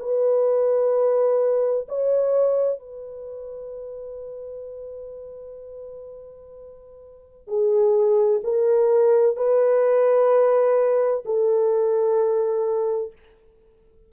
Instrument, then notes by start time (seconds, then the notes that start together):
horn
0.00 B4
1.89 C#5
2.79 B4
7.47 G#4
8.44 A#4
9.36 B4
11.25 A4